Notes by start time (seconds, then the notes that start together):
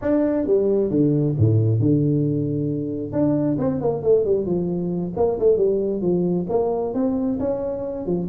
0.01 D4
0.46 G3
0.90 D3
1.38 A2
1.80 D3
3.12 D4
3.58 C4
3.81 A#3
4.02 A3
4.24 G3
4.45 F3
5.16 A#3
5.39 A3
5.57 G3
6.01 F3
6.49 A#3
6.93 C4
7.39 C#4
8.06 F3